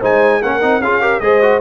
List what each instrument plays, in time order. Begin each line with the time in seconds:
0.00 tuba G#3, trombone D#4, horn C5, trumpet G#5
0.43 tuba A#3, trombone C#4, horn A#4, trumpet F#5
0.61 tuba C4, trombone D#4
0.80 tuba C#4, trombone F4, horn G#4, trumpet F5
1.01 trombone G4, horn A#4
1.20 tuba G#3, trombone G#4, horn C5, trumpet D#5
1.42 trombone F#4